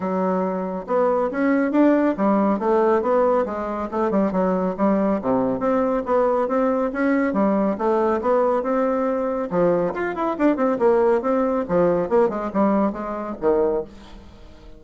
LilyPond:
\new Staff \with { instrumentName = "bassoon" } { \time 4/4 \tempo 4 = 139 fis2 b4 cis'4 | d'4 g4 a4 b4 | gis4 a8 g8 fis4 g4 | c4 c'4 b4 c'4 |
cis'4 g4 a4 b4 | c'2 f4 f'8 e'8 | d'8 c'8 ais4 c'4 f4 | ais8 gis8 g4 gis4 dis4 | }